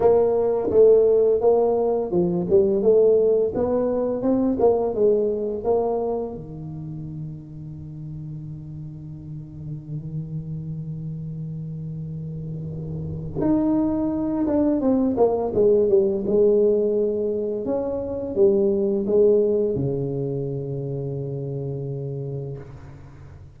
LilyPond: \new Staff \with { instrumentName = "tuba" } { \time 4/4 \tempo 4 = 85 ais4 a4 ais4 f8 g8 | a4 b4 c'8 ais8 gis4 | ais4 dis2.~ | dis1~ |
dis2. dis'4~ | dis'8 d'8 c'8 ais8 gis8 g8 gis4~ | gis4 cis'4 g4 gis4 | cis1 | }